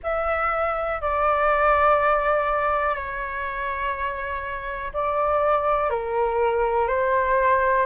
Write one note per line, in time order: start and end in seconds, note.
0.03 1.01 E5
1.01 2.95 D5
2.95 4.92 C#5
4.93 5.90 D5
5.90 6.87 A#4
6.87 7.85 C5